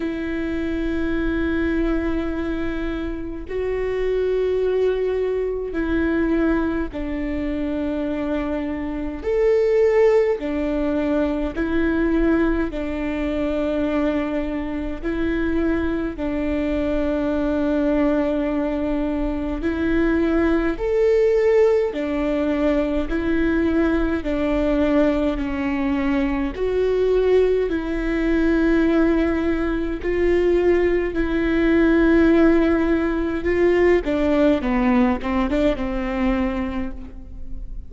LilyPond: \new Staff \with { instrumentName = "viola" } { \time 4/4 \tempo 4 = 52 e'2. fis'4~ | fis'4 e'4 d'2 | a'4 d'4 e'4 d'4~ | d'4 e'4 d'2~ |
d'4 e'4 a'4 d'4 | e'4 d'4 cis'4 fis'4 | e'2 f'4 e'4~ | e'4 f'8 d'8 b8 c'16 d'16 c'4 | }